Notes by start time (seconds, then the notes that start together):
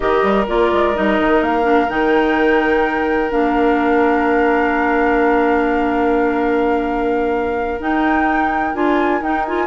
0.00 D#3 G4 A#4 D#5
0.22 G3
0.47 A#3 F4 D5
0.73 G#3
0.94 G3 D#4 D#5
1.19 D#3
1.40 A#3 F5
1.62 D4
1.88 D#3 D#4 G5
3.28 A#3 D4 F5
7.79 D#4 G5
8.73 D4 F4 G#5
9.21 D#4 G5
9.45 F4 G#5